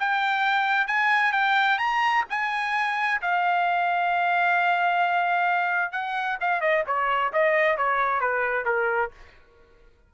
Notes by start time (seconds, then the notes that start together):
0.00 G5
0.88 G#5
1.33 G5
1.79 A#5
2.30 G#5
3.22 F5
5.93 F#5
6.41 F5
6.61 D#5
6.87 C#5
7.33 D#5
7.78 C#5
8.21 B4
8.66 A#4